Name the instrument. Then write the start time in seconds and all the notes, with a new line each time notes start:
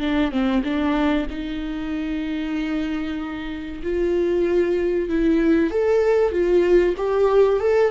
viola
0.00 D4
0.31 C4
0.64 D4
1.30 D#4
3.83 F4
5.09 E4
5.71 A4
6.32 F4
6.97 G4
7.60 A4